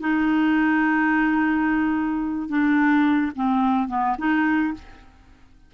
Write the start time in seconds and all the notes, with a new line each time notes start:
0.00 D#4
2.48 D4
3.35 C4
3.88 B3
4.18 D#4